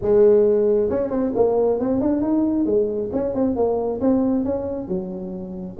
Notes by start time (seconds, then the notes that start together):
0.01 G#3
0.90 C#4
1.10 C4
1.35 A#3
1.79 C4
2.00 D4
2.21 D#4
2.65 G#3
3.12 C#4
3.34 C4
3.56 A#3
4.00 C4
4.44 C#4
4.87 F#3